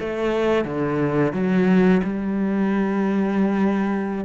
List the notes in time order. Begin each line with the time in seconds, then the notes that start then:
0.00 A3
0.65 D3
1.33 F#3
2.04 G3